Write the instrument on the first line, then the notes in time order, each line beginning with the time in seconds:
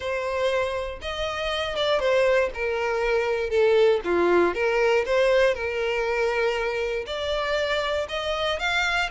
violin
0.00 C5
1.01 D#5
1.76 D5
1.99 C5
2.54 A#4
3.50 A4
4.04 F4
4.54 A#4
5.05 C5
5.54 A#4
7.06 D5
8.09 D#5
8.59 F5